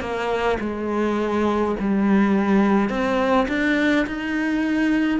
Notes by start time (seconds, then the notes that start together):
0.00 A#3
0.60 G#3
1.80 G3
2.90 C4
3.48 D4
4.06 D#4